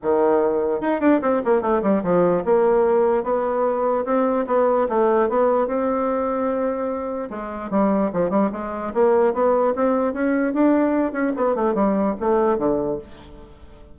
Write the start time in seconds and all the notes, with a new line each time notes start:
0.02 D#3
0.80 D#4
1.00 D4
1.21 C4
1.44 A#3
1.61 A3
1.82 G3
2.03 F3
2.45 A#3
3.23 B3
4.05 C4
4.46 B3
4.89 A3
5.29 B3
5.67 C4
7.30 G#3
7.70 G3
8.13 F3
8.30 G3
8.52 G#3
8.94 A#3
9.33 B3
9.75 C4
10.13 C#4
10.53 D4
11.12 C#4
11.36 B3
11.55 A3
11.74 G3
12.20 A3
12.57 D3